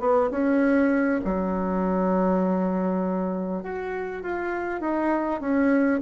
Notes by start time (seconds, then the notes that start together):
0.00 B3
0.31 C#4
1.25 F#3
3.63 F#4
4.23 F4
4.81 D#4
5.41 C#4